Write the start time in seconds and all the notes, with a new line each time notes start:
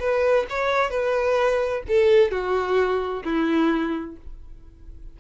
0.00 B4
0.50 C#5
0.90 B4
1.88 A4
2.31 F#4
3.24 E4